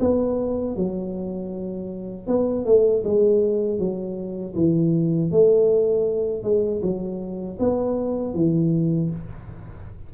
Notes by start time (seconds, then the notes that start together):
0.00 B3
0.76 F#3
2.28 B3
2.65 A3
3.04 G#3
3.79 F#3
4.55 E3
5.31 A3
6.43 G#3
6.82 F#3
7.59 B3
8.34 E3